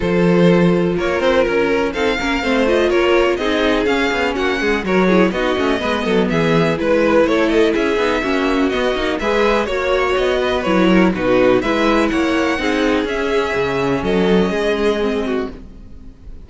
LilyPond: <<
  \new Staff \with { instrumentName = "violin" } { \time 4/4 \tempo 4 = 124 c''2 cis''8 c''8 ais'4 | f''4. dis''8 cis''4 dis''4 | f''4 fis''4 cis''4 dis''4~ | dis''4 e''4 b'4 cis''8 dis''8 |
e''2 dis''4 e''4 | cis''4 dis''4 cis''4 b'4 | e''4 fis''2 e''4~ | e''4 dis''2. | }
  \new Staff \with { instrumentName = "violin" } { \time 4/4 a'2 ais'2 | a'8 ais'8 c''4 ais'4 gis'4~ | gis'4 fis'8 gis'8 ais'8 gis'8 fis'4 | b'8 a'8 gis'4 b'4 a'4 |
gis'4 fis'2 b'4 | cis''4. b'4 ais'8 fis'4 | b'4 cis''4 gis'2~ | gis'4 a'4 gis'4. fis'8 | }
  \new Staff \with { instrumentName = "viola" } { \time 4/4 f'1 | dis'8 cis'8 c'8 f'4. dis'4 | cis'2 fis'8 e'8 dis'8 cis'8 | b2 e'2~ |
e'8 dis'8 cis'4 b8 dis'8 gis'4 | fis'2 e'4 dis'4 | e'2 dis'4 cis'4~ | cis'2. c'4 | }
  \new Staff \with { instrumentName = "cello" } { \time 4/4 f2 ais8 c'8 cis'4 | c'8 ais8 a4 ais4 c'4 | cis'8 b8 ais8 gis8 fis4 b8 a8 | gis8 fis8 e4 gis4 a4 |
cis'8 b8 ais4 b8 ais8 gis4 | ais4 b4 fis4 b,4 | gis4 ais4 c'4 cis'4 | cis4 fis4 gis2 | }
>>